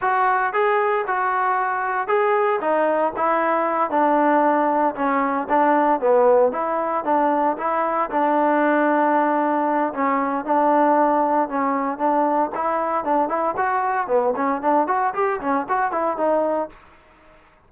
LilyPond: \new Staff \with { instrumentName = "trombone" } { \time 4/4 \tempo 4 = 115 fis'4 gis'4 fis'2 | gis'4 dis'4 e'4. d'8~ | d'4. cis'4 d'4 b8~ | b8 e'4 d'4 e'4 d'8~ |
d'2. cis'4 | d'2 cis'4 d'4 | e'4 d'8 e'8 fis'4 b8 cis'8 | d'8 fis'8 g'8 cis'8 fis'8 e'8 dis'4 | }